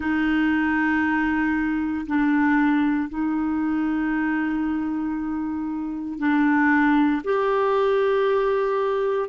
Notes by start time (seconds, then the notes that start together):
0.00 D#4
2.06 D4
3.08 D#4
6.18 D4
7.24 G4